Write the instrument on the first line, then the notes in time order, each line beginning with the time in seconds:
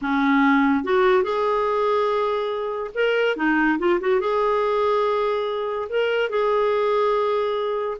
clarinet
0.01 C#4
0.84 F#4
1.23 G#4
2.94 A#4
3.36 D#4
3.78 F4
4.00 F#4
4.20 G#4
5.89 A#4
6.29 G#4